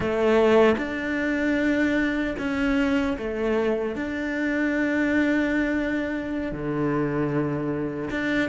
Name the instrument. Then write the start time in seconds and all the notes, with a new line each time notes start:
cello
0.00 A3
0.77 D4
2.38 C#4
3.18 A3
3.95 D4
6.51 D3
8.10 D4